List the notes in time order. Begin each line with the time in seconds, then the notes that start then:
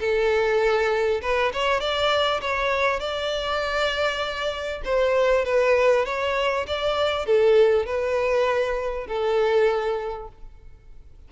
0.00 A4
1.22 B4
1.53 C#5
1.80 D5
2.41 C#5
3.00 D5
4.85 C5
5.45 B4
6.06 C#5
6.67 D5
7.26 A4
7.86 B4
9.07 A4